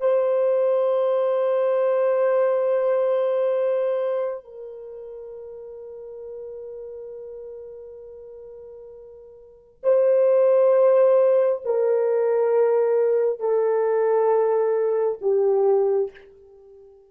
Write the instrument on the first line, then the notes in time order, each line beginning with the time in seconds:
horn
0.00 C5
4.44 A#4
9.83 C5
11.65 A#4
13.39 A4
15.21 G4